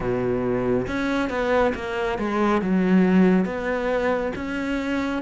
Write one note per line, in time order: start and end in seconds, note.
0.00 0.87 B2
0.87 1.29 C#4
1.29 1.73 B3
1.74 2.18 A#3
2.18 2.61 G#3
2.61 3.45 F#3
3.45 4.32 B3
4.35 5.22 C#4